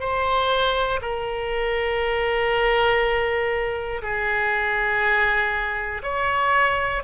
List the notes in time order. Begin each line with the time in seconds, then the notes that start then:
0.00 C5
1.01 A#4
4.02 G#4
6.02 C#5